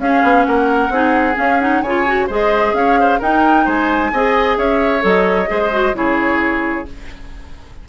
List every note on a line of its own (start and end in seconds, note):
0.00 0.23 C#4
0.00 0.92 C#4
0.00 0.48 G#4
0.00 0.45 F5
0.24 0.46 B3
0.45 0.90 A#3
0.45 0.94 A#4
0.45 1.37 F#5
0.90 1.36 C4
0.90 1.34 D#4
0.90 1.83 G#4
1.34 1.57 C#4
1.34 1.83 C#4
1.34 1.61 F5
1.61 1.84 D#4
1.61 1.82 F#5
1.82 2.29 C#3
1.82 2.07 F4
1.82 2.27 C#5
1.82 2.28 G#5
2.07 2.30 F#4
2.27 2.74 G#3
2.27 3.22 G#4
2.27 2.73 C5
2.27 2.75 D#5
2.74 3.19 C#4
2.74 3.00 C#5
2.74 3.21 F5
3.00 3.20 C5
3.20 3.67 D#4
3.20 4.14 D#4
3.20 3.65 A#4
3.20 3.69 G5
3.66 4.13 G#3
3.66 4.11 C5
3.66 4.59 G#5
4.13 4.58 C4
4.13 5.01 G#4
4.13 4.58 D#5
4.58 5.04 C#4
4.58 5.50 C#5
4.58 5.04 E5
5.01 5.50 F#3
5.01 5.47 A4
5.01 5.97 D#5
5.48 5.94 G#3
5.48 5.71 G#4
5.48 5.96 C5
5.72 5.94 F#4
5.94 6.86 C#3
5.94 6.86 E4
5.94 6.89 G#4
5.94 6.88 C#5